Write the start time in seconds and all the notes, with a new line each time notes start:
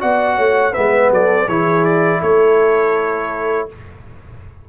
0.00 B3 F#4 D5 F#5
0.37 A3 C#5
0.72 G#3 B3 B4 E5
1.11 F#3 A4 D5
1.47 E3 E4 G#4 C#5
1.85 D5
2.21 A3 A4 C#5